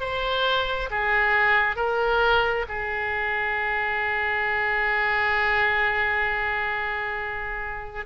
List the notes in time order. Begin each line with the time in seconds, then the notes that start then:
0.00 C5
0.90 G#4
1.76 A#4
2.68 G#4